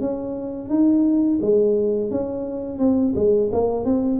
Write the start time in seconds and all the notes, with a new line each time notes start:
0.00 C#4
0.69 D#4
1.41 G#3
2.11 C#4
2.79 C4
3.15 G#3
3.52 A#3
3.85 C4